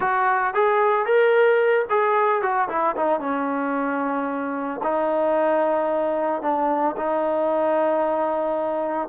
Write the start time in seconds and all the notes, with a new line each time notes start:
0.00 F#4
0.54 G#4
1.05 A#4
1.89 G#4
2.41 F#4
2.68 E4
2.96 D#4
3.20 C#4
4.83 D#4
6.42 D4
6.96 D#4